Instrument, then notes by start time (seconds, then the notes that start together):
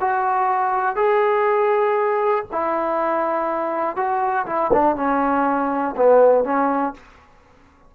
trombone
0.00 F#4
0.96 G#4
2.52 E4
3.96 F#4
4.46 E4
4.73 D4
4.96 C#4
5.97 B3
6.44 C#4